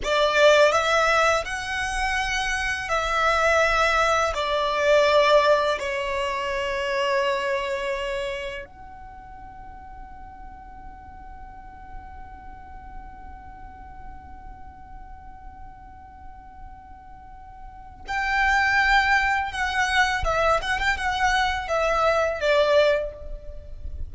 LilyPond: \new Staff \with { instrumentName = "violin" } { \time 4/4 \tempo 4 = 83 d''4 e''4 fis''2 | e''2 d''2 | cis''1 | fis''1~ |
fis''1~ | fis''1~ | fis''4 g''2 fis''4 | e''8 fis''16 g''16 fis''4 e''4 d''4 | }